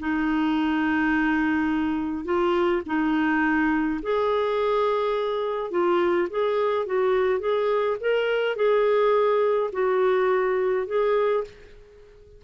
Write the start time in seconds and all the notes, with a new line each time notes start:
0.00 D#4
2.25 F4
2.86 D#4
4.03 G#4
5.71 F4
6.30 G#4
6.86 F#4
7.40 G#4
8.01 A#4
8.56 G#4
9.73 F#4
10.87 G#4